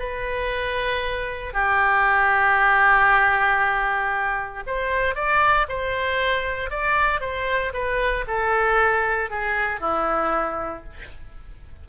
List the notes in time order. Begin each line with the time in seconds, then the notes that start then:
0.00 B4
1.54 G4
4.67 C5
5.15 D5
5.69 C5
6.71 D5
7.21 C5
7.74 B4
8.28 A4
9.31 G#4
9.80 E4